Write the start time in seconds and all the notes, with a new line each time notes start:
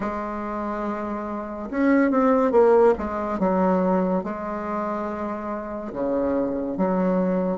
0.00 G#3
1.70 C#4
2.10 C4
2.51 A#3
2.98 G#3
3.39 F#3
4.23 G#3
5.92 C#3
6.77 F#3